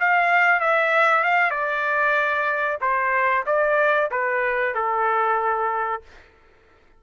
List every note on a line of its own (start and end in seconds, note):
0.00 0.60 F5
0.60 1.24 E5
1.24 1.51 F5
1.51 2.78 D5
2.81 3.45 C5
3.46 4.10 D5
4.11 4.75 B4
4.75 6.02 A4